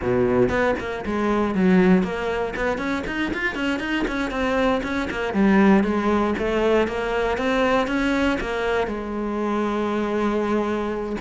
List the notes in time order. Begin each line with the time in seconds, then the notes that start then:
0.01 B2
0.49 B3
0.79 A#3
1.05 G#3
1.54 F#3
2.03 A#3
2.55 B3
2.77 C#4
3.06 D#4
3.33 F4
3.55 C#4
3.79 D#4
4.07 C#4
4.30 C4
4.83 C#4
5.10 A#3
5.33 G3
5.83 G#3
6.38 A3
6.87 A#3
7.37 C4
7.87 C#4
8.40 A#3
8.87 G#3